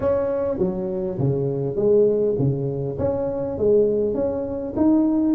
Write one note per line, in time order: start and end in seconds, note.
0.00 0.58 C#4
0.58 1.17 F#3
1.18 1.76 C#3
1.76 2.35 G#3
2.38 2.97 C#3
2.98 3.58 C#4
3.58 4.14 G#3
4.14 4.74 C#4
4.76 5.34 D#4